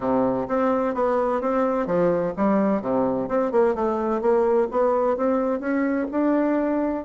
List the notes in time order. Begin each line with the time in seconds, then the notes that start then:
0.00 C3
0.48 C4
0.94 B3
1.41 C4
1.86 F3
2.36 G3
2.81 C3
3.28 C4
3.51 A#3
3.75 A3
4.21 A#3
4.70 B3
5.16 C4
5.60 C#4
6.11 D4